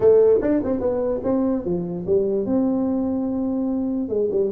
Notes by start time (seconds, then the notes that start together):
0.00 A3
0.41 D4
0.64 C4
0.80 B3
1.23 C4
1.64 F3
2.06 G3
2.45 C4
4.09 G#3
4.31 G3